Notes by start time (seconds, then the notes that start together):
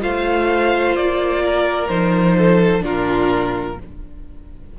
0.00 A3 F4 C5 F5
0.96 A#3 D5
1.43 A#4
1.88 F3 D#4 C5
2.38 A4
2.81 A#2 D4 F4 A#4